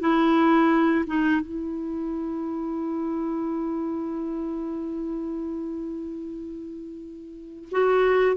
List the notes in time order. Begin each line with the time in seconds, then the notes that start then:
0.00 E4
1.07 D#4
1.41 E4
7.72 F#4